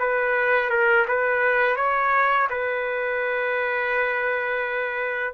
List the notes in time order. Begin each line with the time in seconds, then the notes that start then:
0.00 B4
0.70 A#4
1.08 B4
1.77 C#5
2.50 B4